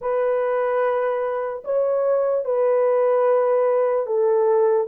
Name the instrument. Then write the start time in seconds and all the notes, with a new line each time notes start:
horn
0.01 B4
1.64 C#5
2.45 B4
4.06 A4